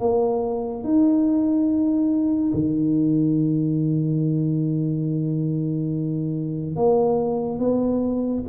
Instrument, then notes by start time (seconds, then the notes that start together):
tuba
0.00 A#3
0.84 D#4
2.54 D#3
6.76 A#3
7.59 B3